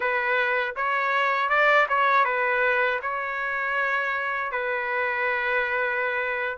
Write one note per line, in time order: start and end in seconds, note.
0.00 0.75 B4
0.75 1.49 C#5
1.49 1.86 D5
1.89 2.25 C#5
2.25 3.00 B4
3.02 4.51 C#5
4.51 6.57 B4